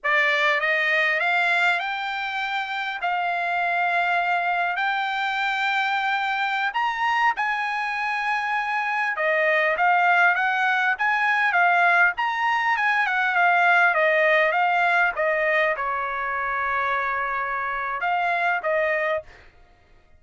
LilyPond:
\new Staff \with { instrumentName = "trumpet" } { \time 4/4 \tempo 4 = 100 d''4 dis''4 f''4 g''4~ | g''4 f''2. | g''2.~ g''16 ais''8.~ | ais''16 gis''2. dis''8.~ |
dis''16 f''4 fis''4 gis''4 f''8.~ | f''16 ais''4 gis''8 fis''8 f''4 dis''8.~ | dis''16 f''4 dis''4 cis''4.~ cis''16~ | cis''2 f''4 dis''4 | }